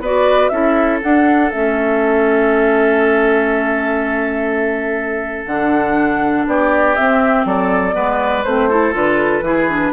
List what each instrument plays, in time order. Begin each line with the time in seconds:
0.00 bassoon B3, clarinet F#4, oboe B4, flute D5
0.49 bassoon C#4, clarinet E4, oboe A4, flute E5
1.03 clarinet D4, bassoon D4, flute F#5
1.51 bassoon A3, clarinet C#4, flute E5
5.46 bassoon D3, clarinet D4, flute F#5
6.47 bassoon B3, oboe G4, flute D5
6.96 clarinet C4, bassoon C4, flute E5
7.45 bassoon F#3, oboe A4, flute D5
7.93 bassoon G#3, clarinet B3, oboe B4
8.44 bassoon A3, clarinet C4, flute C5
8.70 clarinet E4, oboe A4
8.93 bassoon D3, clarinet F4, flute B4
9.42 bassoon E3, clarinet E4, oboe G#4
9.70 clarinet D4